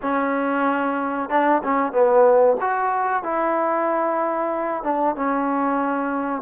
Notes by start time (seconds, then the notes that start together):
0.02 C#4
1.29 D4
1.63 C#4
1.92 B3
2.60 F#4
3.23 E4
4.83 D4
5.15 C#4